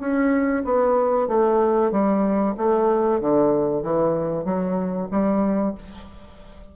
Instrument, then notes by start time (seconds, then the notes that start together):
bassoon
0.00 C#4
0.65 B3
1.28 A3
1.92 G3
2.58 A3
3.21 D3
3.83 E3
4.45 F#3
5.12 G3